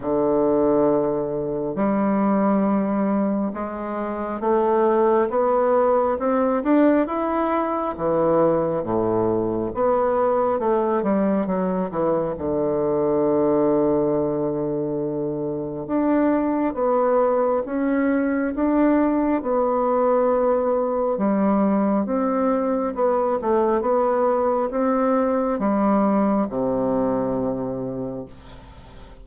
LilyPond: \new Staff \with { instrumentName = "bassoon" } { \time 4/4 \tempo 4 = 68 d2 g2 | gis4 a4 b4 c'8 d'8 | e'4 e4 a,4 b4 | a8 g8 fis8 e8 d2~ |
d2 d'4 b4 | cis'4 d'4 b2 | g4 c'4 b8 a8 b4 | c'4 g4 c2 | }